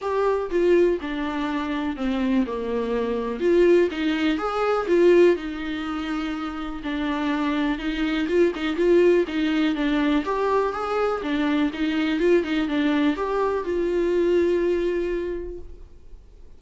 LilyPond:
\new Staff \with { instrumentName = "viola" } { \time 4/4 \tempo 4 = 123 g'4 f'4 d'2 | c'4 ais2 f'4 | dis'4 gis'4 f'4 dis'4~ | dis'2 d'2 |
dis'4 f'8 dis'8 f'4 dis'4 | d'4 g'4 gis'4 d'4 | dis'4 f'8 dis'8 d'4 g'4 | f'1 | }